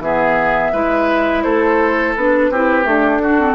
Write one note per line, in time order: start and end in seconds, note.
0.00 0.71 E3
0.00 0.74 B3
0.00 0.73 G#4
0.00 1.43 E5
0.73 1.45 G#3
0.73 2.17 E4
0.73 1.44 B4
1.43 2.16 A3
1.43 2.51 A4
1.43 2.15 C5
2.16 2.50 B3
2.16 2.53 D4
2.16 2.87 B4
2.50 2.86 C4
2.50 2.83 E4
2.50 3.23 G4
2.83 3.19 A3
2.83 3.56 D4
2.83 3.56 A4
3.23 3.40 D4
3.23 3.56 F#4
3.40 3.56 C4